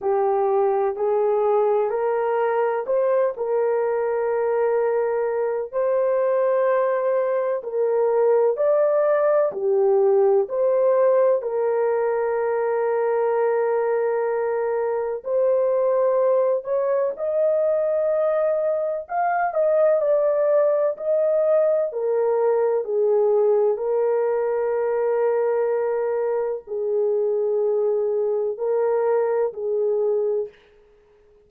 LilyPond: \new Staff \with { instrumentName = "horn" } { \time 4/4 \tempo 4 = 63 g'4 gis'4 ais'4 c''8 ais'8~ | ais'2 c''2 | ais'4 d''4 g'4 c''4 | ais'1 |
c''4. cis''8 dis''2 | f''8 dis''8 d''4 dis''4 ais'4 | gis'4 ais'2. | gis'2 ais'4 gis'4 | }